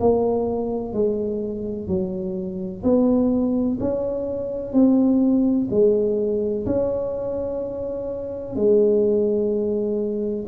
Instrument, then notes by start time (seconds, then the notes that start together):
tuba
0.00 A#3
0.93 G#3
1.87 F#3
2.83 B3
3.80 C#4
4.72 C4
5.70 G#3
6.66 C#4
8.55 G#3